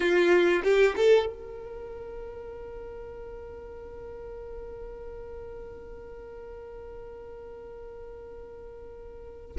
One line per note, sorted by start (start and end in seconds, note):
0.00 0.62 F4
0.63 0.95 G4
0.96 1.26 A4
1.26 9.56 A#4